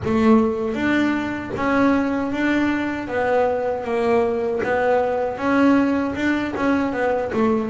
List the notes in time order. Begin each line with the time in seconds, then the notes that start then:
0.04 A3
0.74 D4
1.56 C#4
2.31 D4
3.07 B3
3.84 A#3
4.63 B3
5.37 C#4
6.15 D4
6.56 C#4
6.92 B3
7.33 A3